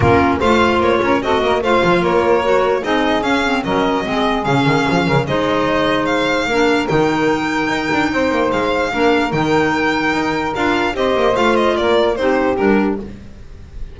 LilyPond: <<
  \new Staff \with { instrumentName = "violin" } { \time 4/4 \tempo 4 = 148 ais'4 f''4 cis''4 dis''4 | f''4 cis''2 dis''4 | f''4 dis''2 f''4~ | f''4 dis''2 f''4~ |
f''4 g''2.~ | g''4 f''2 g''4~ | g''2 f''4 dis''4 | f''8 dis''8 d''4 c''4 ais'4 | }
  \new Staff \with { instrumentName = "saxophone" } { \time 4/4 f'4 c''4. ais'8 a'8 ais'8 | c''4 ais'2 gis'4~ | gis'4 ais'4 gis'2~ | gis'8 ais'8 c''2. |
ais'1 | c''2 ais'2~ | ais'2. c''4~ | c''4 ais'4 g'2 | }
  \new Staff \with { instrumentName = "clarinet" } { \time 4/4 cis'4 f'2 fis'4 | f'2 fis'4 dis'4 | cis'8 c'8 cis'4 c'4 cis'4~ | cis'4 dis'2. |
d'4 dis'2.~ | dis'2 d'4 dis'4~ | dis'2 f'4 g'4 | f'2 dis'4 d'4 | }
  \new Staff \with { instrumentName = "double bass" } { \time 4/4 ais4 a4 ais8 cis'8 c'8 ais8 | a8 f8 ais2 c'4 | cis'4 fis4 gis4 cis8 dis8 | f8 cis8 gis2. |
ais4 dis2 dis'8 d'8 | c'8 ais8 gis4 ais4 dis4~ | dis4 dis'4 d'4 c'8 ais8 | a4 ais4 c'4 g4 | }
>>